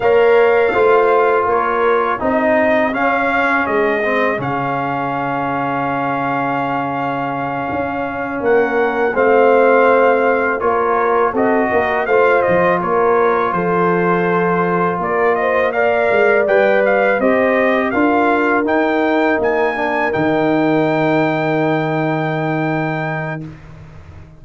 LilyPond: <<
  \new Staff \with { instrumentName = "trumpet" } { \time 4/4 \tempo 4 = 82 f''2 cis''4 dis''4 | f''4 dis''4 f''2~ | f''2.~ f''8 fis''8~ | fis''8 f''2 cis''4 dis''8~ |
dis''8 f''8 dis''8 cis''4 c''4.~ | c''8 d''8 dis''8 f''4 g''8 f''8 dis''8~ | dis''8 f''4 g''4 gis''4 g''8~ | g''1 | }
  \new Staff \with { instrumentName = "horn" } { \time 4/4 cis''4 c''4 ais'4 gis'4~ | gis'1~ | gis'2.~ gis'8 ais'8~ | ais'8 c''2 ais'4 a'8 |
ais'8 c''4 ais'4 a'4.~ | a'8 ais'8 c''8 d''2 c''8~ | c''8 ais'2.~ ais'8~ | ais'1 | }
  \new Staff \with { instrumentName = "trombone" } { \time 4/4 ais'4 f'2 dis'4 | cis'4. c'8 cis'2~ | cis'1~ | cis'8 c'2 f'4 fis'8~ |
fis'8 f'2.~ f'8~ | f'4. ais'4 b'4 g'8~ | g'8 f'4 dis'4. d'8 dis'8~ | dis'1 | }
  \new Staff \with { instrumentName = "tuba" } { \time 4/4 ais4 a4 ais4 c'4 | cis'4 gis4 cis2~ | cis2~ cis8 cis'4 ais8~ | ais8 a2 ais4 c'8 |
ais8 a8 f8 ais4 f4.~ | f8 ais4. gis8 g4 c'8~ | c'8 d'4 dis'4 ais4 dis8~ | dis1 | }
>>